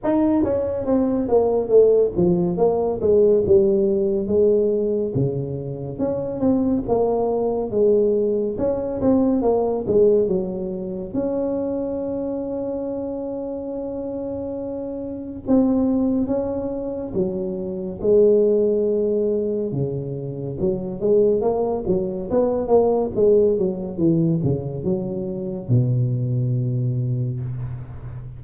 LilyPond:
\new Staff \with { instrumentName = "tuba" } { \time 4/4 \tempo 4 = 70 dis'8 cis'8 c'8 ais8 a8 f8 ais8 gis8 | g4 gis4 cis4 cis'8 c'8 | ais4 gis4 cis'8 c'8 ais8 gis8 | fis4 cis'2.~ |
cis'2 c'4 cis'4 | fis4 gis2 cis4 | fis8 gis8 ais8 fis8 b8 ais8 gis8 fis8 | e8 cis8 fis4 b,2 | }